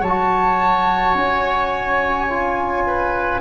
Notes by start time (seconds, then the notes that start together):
0.00 F#3 C#5 A5
0.07 F#4
1.14 C#4 G#5
2.29 F4
2.86 B4